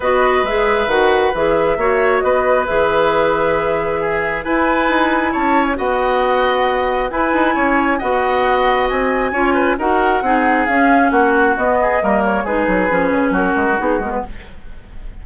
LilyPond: <<
  \new Staff \with { instrumentName = "flute" } { \time 4/4 \tempo 4 = 135 dis''4 e''4 fis''4 e''4~ | e''4 dis''4 e''2~ | e''2 gis''2 | a''8. gis''16 fis''2. |
gis''2 fis''2 | gis''2 fis''2 | f''4 fis''4 dis''4. cis''8 | b'2 ais'4 gis'8 ais'16 b'16 | }
  \new Staff \with { instrumentName = "oboe" } { \time 4/4 b'1 | cis''4 b'2.~ | b'4 gis'4 b'2 | cis''4 dis''2. |
b'4 cis''4 dis''2~ | dis''4 cis''8 b'8 ais'4 gis'4~ | gis'4 fis'4. gis'8 ais'4 | gis'2 fis'2 | }
  \new Staff \with { instrumentName = "clarinet" } { \time 4/4 fis'4 gis'4 fis'4 gis'4 | fis'2 gis'2~ | gis'2 e'2~ | e'4 fis'2. |
e'2 fis'2~ | fis'4 f'4 fis'4 dis'4 | cis'2 b4 ais4 | dis'4 cis'2 dis'8 b8 | }
  \new Staff \with { instrumentName = "bassoon" } { \time 4/4 b4 gis4 dis4 e4 | ais4 b4 e2~ | e2 e'4 dis'4 | cis'4 b2. |
e'8 dis'8 cis'4 b2 | c'4 cis'4 dis'4 c'4 | cis'4 ais4 b4 g4 | gis8 fis8 f8 cis8 fis8 gis8 b8 gis8 | }
>>